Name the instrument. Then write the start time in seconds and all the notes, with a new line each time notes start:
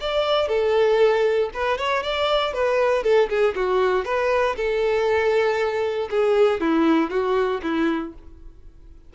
violin
0.00 D5
0.48 A4
1.54 B4
1.77 C#5
2.03 D5
2.53 B4
3.03 A4
3.29 G#4
3.55 F#4
4.05 B4
4.56 A4
6.10 G#4
6.60 E4
7.10 F#4
7.62 E4